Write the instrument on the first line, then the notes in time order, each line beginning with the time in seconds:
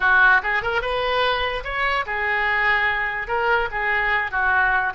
oboe
0.00 F#4
0.42 G#4
0.62 A#4
0.81 B4
1.64 C#5
2.06 G#4
3.27 A#4
3.71 G#4
4.31 F#4